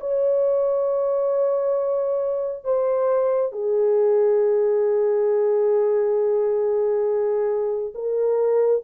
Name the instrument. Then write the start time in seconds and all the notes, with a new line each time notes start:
horn
0.00 C#5
2.64 C5
3.52 G#4
7.94 A#4